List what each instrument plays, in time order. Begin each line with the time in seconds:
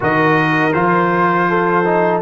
0.00 tuba D#3, trombone F#4, horn A#4, trumpet D#5
0.72 tuba F3, trombone F4, trumpet C5
1.49 horn A4
1.85 trombone D#4